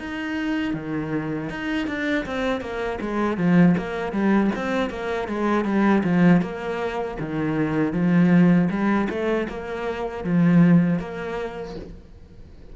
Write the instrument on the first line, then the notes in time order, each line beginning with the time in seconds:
cello
0.00 D#4
0.74 D#3
1.50 D#4
1.88 D4
2.26 C4
2.61 A#3
3.01 G#3
3.38 F3
3.78 A#3
4.13 G3
4.56 C4
4.91 A#3
5.29 G#3
5.65 G3
6.04 F3
6.42 A#3
7.20 D#3
7.93 F3
8.71 G3
9.10 A3
9.49 A#3
10.25 F3
11.00 A#3